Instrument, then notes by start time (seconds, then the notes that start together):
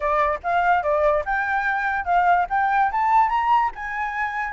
flute
0.00 D5
0.43 F5
0.82 D5
1.25 G5
2.05 F5
2.49 G5
2.91 A5
3.29 A#5
3.75 G#5